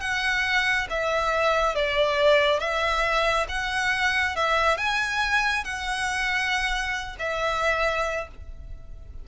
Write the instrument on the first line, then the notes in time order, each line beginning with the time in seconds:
violin
0.00 F#5
0.89 E5
1.75 D5
2.59 E5
3.48 F#5
4.36 E5
4.77 G#5
5.64 F#5
7.19 E5